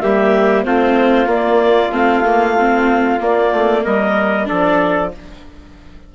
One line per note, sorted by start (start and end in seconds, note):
0.00 0.66 G3
0.00 0.65 A#3
0.00 0.66 G4
0.00 0.64 E5
0.64 1.26 A3
0.64 1.27 C4
0.64 3.85 F4
0.64 1.28 C5
1.26 1.90 A#3
1.26 1.93 D5
1.91 3.19 A3
1.91 2.24 C4
1.91 3.21 F5
2.25 2.57 A#3
2.59 3.20 C4
3.20 4.45 A#3
3.20 3.52 A#3
3.20 3.85 D5
3.52 3.84 A3
3.85 4.49 G3
3.85 4.48 A#4
3.85 4.48 D#5
4.45 5.15 F3
4.45 5.09 D4
4.45 5.13 A4
4.45 5.11 D5